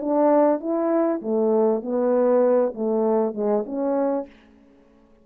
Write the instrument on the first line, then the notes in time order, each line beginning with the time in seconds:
horn
0.00 D4
0.60 E4
1.22 A3
1.82 B3
2.74 A3
3.34 G#3
3.66 C#4